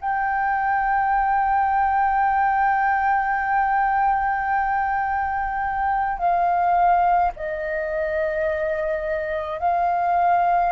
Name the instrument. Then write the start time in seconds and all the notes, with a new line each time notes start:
flute
0.00 G5
6.18 F5
7.36 D#5
9.59 F5